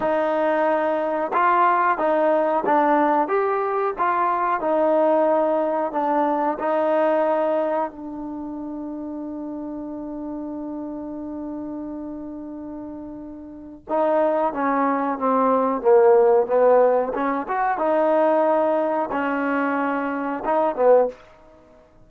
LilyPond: \new Staff \with { instrumentName = "trombone" } { \time 4/4 \tempo 4 = 91 dis'2 f'4 dis'4 | d'4 g'4 f'4 dis'4~ | dis'4 d'4 dis'2 | d'1~ |
d'1~ | d'4 dis'4 cis'4 c'4 | ais4 b4 cis'8 fis'8 dis'4~ | dis'4 cis'2 dis'8 b8 | }